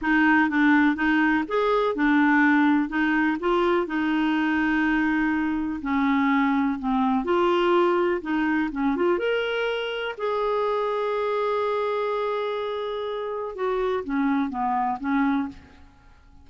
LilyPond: \new Staff \with { instrumentName = "clarinet" } { \time 4/4 \tempo 4 = 124 dis'4 d'4 dis'4 gis'4 | d'2 dis'4 f'4 | dis'1 | cis'2 c'4 f'4~ |
f'4 dis'4 cis'8 f'8 ais'4~ | ais'4 gis'2.~ | gis'1 | fis'4 cis'4 b4 cis'4 | }